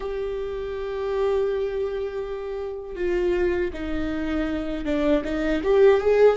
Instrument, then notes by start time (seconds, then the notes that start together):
viola
0.00 G4
2.95 F4
3.73 D#4
4.85 D4
5.24 D#4
5.63 G4
6.00 G#4